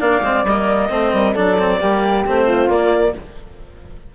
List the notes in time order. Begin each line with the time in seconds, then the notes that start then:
0.00 A#3 D4 D5 F5
0.21 G#3 C4
0.44 G3 A#3 D#5
0.90 A3 C4 C5
1.13 G3 A#4
1.34 F#3 D4 A4 D5
1.59 C4
1.81 G3 A#3 G4
2.26 A3 C4 C5
2.46 F4
2.69 A#3 D5